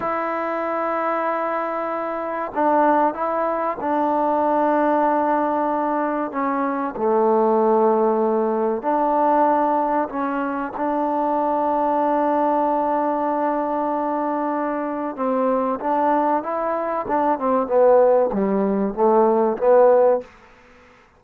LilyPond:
\new Staff \with { instrumentName = "trombone" } { \time 4/4 \tempo 4 = 95 e'1 | d'4 e'4 d'2~ | d'2 cis'4 a4~ | a2 d'2 |
cis'4 d'2.~ | d'1 | c'4 d'4 e'4 d'8 c'8 | b4 g4 a4 b4 | }